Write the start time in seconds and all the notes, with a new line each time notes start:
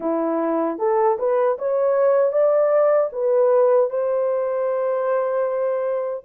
0.00 E4
0.78 A4
1.18 B4
1.58 C#5
2.32 D5
3.12 B4
3.90 C5